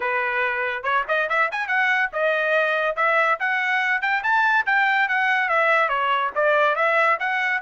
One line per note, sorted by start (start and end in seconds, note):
0.00 0.83 B4
0.83 1.04 C#5
1.08 1.29 D#5
1.29 1.50 E5
1.51 1.67 G#5
1.67 2.09 F#5
2.12 2.96 D#5
2.96 3.38 E5
3.39 4.01 F#5
4.01 4.22 G5
4.23 4.65 A5
4.66 5.08 G5
5.08 5.49 F#5
5.49 5.88 E5
5.88 6.31 C#5
6.35 6.75 D5
6.75 7.17 E5
7.19 7.61 F#5